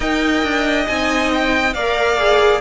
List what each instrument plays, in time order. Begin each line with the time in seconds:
0.00 cello D#4, viola A#4, violin D#5 G5
0.43 cello D4
0.86 cello C4, viola D#4, violin G#5
1.33 violin G5
1.73 cello A#3, viola A#4, violin D5 F5
2.18 viola G#4